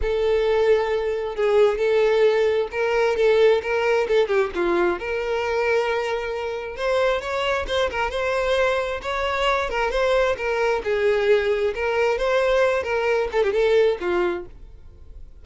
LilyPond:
\new Staff \with { instrumentName = "violin" } { \time 4/4 \tempo 4 = 133 a'2. gis'4 | a'2 ais'4 a'4 | ais'4 a'8 g'8 f'4 ais'4~ | ais'2. c''4 |
cis''4 c''8 ais'8 c''2 | cis''4. ais'8 c''4 ais'4 | gis'2 ais'4 c''4~ | c''8 ais'4 a'16 g'16 a'4 f'4 | }